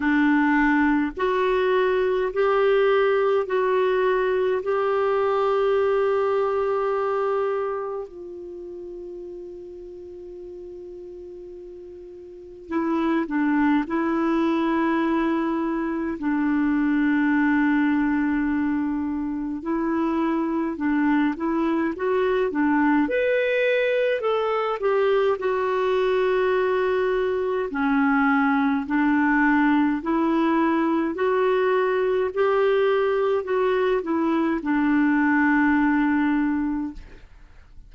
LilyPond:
\new Staff \with { instrumentName = "clarinet" } { \time 4/4 \tempo 4 = 52 d'4 fis'4 g'4 fis'4 | g'2. f'4~ | f'2. e'8 d'8 | e'2 d'2~ |
d'4 e'4 d'8 e'8 fis'8 d'8 | b'4 a'8 g'8 fis'2 | cis'4 d'4 e'4 fis'4 | g'4 fis'8 e'8 d'2 | }